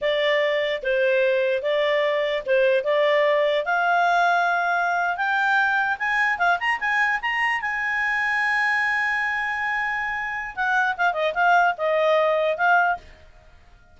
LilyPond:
\new Staff \with { instrumentName = "clarinet" } { \time 4/4 \tempo 4 = 148 d''2 c''2 | d''2 c''4 d''4~ | d''4 f''2.~ | f''8. g''2 gis''4 f''16~ |
f''16 ais''8 gis''4 ais''4 gis''4~ gis''16~ | gis''1~ | gis''2 fis''4 f''8 dis''8 | f''4 dis''2 f''4 | }